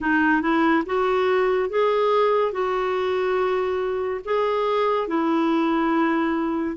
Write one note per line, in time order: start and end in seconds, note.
0.00 0.41 D#4
0.41 0.83 E4
0.86 1.69 F#4
1.69 2.52 G#4
2.52 4.21 F#4
4.24 5.07 G#4
5.07 6.76 E4